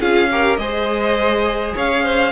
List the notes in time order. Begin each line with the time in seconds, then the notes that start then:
0.00 C#4 F4 G#4 F5
0.32 G4 A#4
0.56 G#3 G#4 C5 D#5
1.75 C#4 C#5 F5
2.04 C5